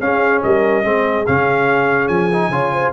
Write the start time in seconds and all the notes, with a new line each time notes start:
0.00 C#4 G#4 F5
0.43 G3 A#4 D#5
0.83 G#3 C4 G#4
1.26 C#3 C#4 F5
2.08 F3 G#5
2.33 D#4
2.49 C#3 F4 C#5
2.72 C5